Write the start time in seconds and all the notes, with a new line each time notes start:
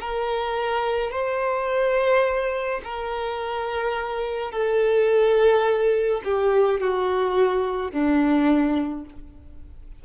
0.00 A#4
1.11 C5
2.84 A#4
4.51 A4
6.24 G4
6.80 F#4
7.91 D4